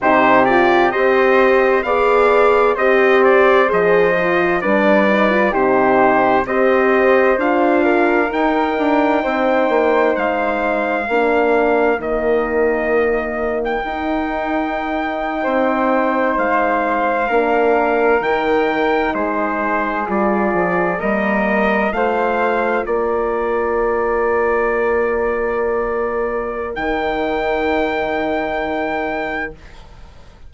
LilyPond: <<
  \new Staff \with { instrumentName = "trumpet" } { \time 4/4 \tempo 4 = 65 c''8 d''8 dis''4 f''4 dis''8 d''8 | dis''4 d''4 c''4 dis''4 | f''4 g''2 f''4~ | f''4 dis''4.~ dis''16 g''4~ g''16~ |
g''4.~ g''16 f''2 g''16~ | g''8. c''4 d''4 dis''4 f''16~ | f''8. d''2.~ d''16~ | d''4 g''2. | }
  \new Staff \with { instrumentName = "flute" } { \time 4/4 g'4 c''4 d''4 c''4~ | c''4 b'4 g'4 c''4~ | c''8 ais'4. c''2 | ais'1~ |
ais'8. c''2 ais'4~ ais'16~ | ais'8. gis'2 ais'4 c''16~ | c''8. ais'2.~ ais'16~ | ais'1 | }
  \new Staff \with { instrumentName = "horn" } { \time 4/4 dis'8 f'8 g'4 gis'4 g'4 | gis'8 f'8 d'8 dis'16 f'16 dis'4 g'4 | f'4 dis'2. | d'4 ais2 dis'4~ |
dis'2~ dis'8. d'4 dis'16~ | dis'4.~ dis'16 f'4 ais4 f'16~ | f'1~ | f'4 dis'2. | }
  \new Staff \with { instrumentName = "bassoon" } { \time 4/4 c4 c'4 b4 c'4 | f4 g4 c4 c'4 | d'4 dis'8 d'8 c'8 ais8 gis4 | ais4 dis2 dis'4~ |
dis'8. c'4 gis4 ais4 dis16~ | dis8. gis4 g8 f8 g4 a16~ | a8. ais2.~ ais16~ | ais4 dis2. | }
>>